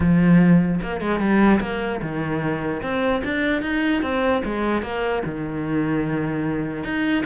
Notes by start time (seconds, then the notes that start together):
0.00 F3
0.82 A#3
1.00 G#3
1.19 G3
1.60 A#3
2.01 D#3
2.82 C4
3.23 D4
3.62 D#4
4.02 C4
4.44 G#3
4.82 A#3
5.25 D#3
6.84 D#4